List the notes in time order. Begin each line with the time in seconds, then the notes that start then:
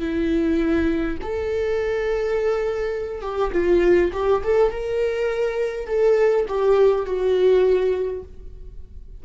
0.00 E4
1.22 A4
3.22 G4
3.53 F4
4.13 G4
4.44 A4
4.72 A#4
5.87 A4
6.48 G4
7.06 F#4